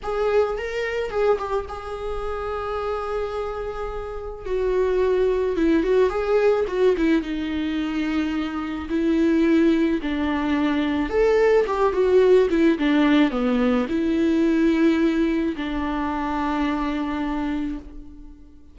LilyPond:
\new Staff \with { instrumentName = "viola" } { \time 4/4 \tempo 4 = 108 gis'4 ais'4 gis'8 g'8 gis'4~ | gis'1 | fis'2 e'8 fis'8 gis'4 | fis'8 e'8 dis'2. |
e'2 d'2 | a'4 g'8 fis'4 e'8 d'4 | b4 e'2. | d'1 | }